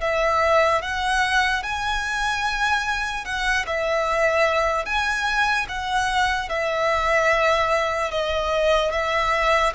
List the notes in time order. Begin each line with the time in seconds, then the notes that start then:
0.00 E5
0.81 F#5
1.63 G#5
3.25 F#5
3.66 E5
4.85 G#5
5.68 F#5
6.49 E5
8.11 D#5
8.92 E5